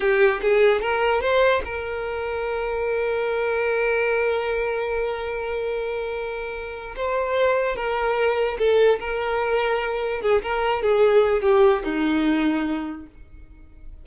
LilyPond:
\new Staff \with { instrumentName = "violin" } { \time 4/4 \tempo 4 = 147 g'4 gis'4 ais'4 c''4 | ais'1~ | ais'1~ | ais'1~ |
ais'4 c''2 ais'4~ | ais'4 a'4 ais'2~ | ais'4 gis'8 ais'4 gis'4. | g'4 dis'2. | }